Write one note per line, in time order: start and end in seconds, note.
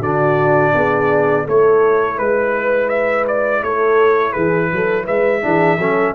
0.00 0.72 D3
0.00 1.45 D4
0.00 0.73 F#4
0.00 1.48 D5
0.75 1.47 B3
0.75 1.45 G#4
1.45 2.19 A3
1.45 5.42 E4
1.45 2.18 A4
1.45 2.19 C#5
2.19 3.63 G#3
2.19 3.63 B4
2.19 2.89 B4
2.89 3.25 E5
3.28 3.64 D5
3.63 4.35 A3
3.63 4.34 A4
3.63 4.33 C#5
4.33 4.72 E3
4.33 4.70 G#4
4.33 5.05 B4
4.72 5.09 F#3
4.72 5.05 A4
5.05 5.45 G#3
5.05 5.42 B4
5.05 6.16 E5
5.42 5.79 E3
5.42 5.78 D4
5.42 5.79 G#4
5.79 6.15 F#3
5.79 6.16 C#4
5.79 6.15 A4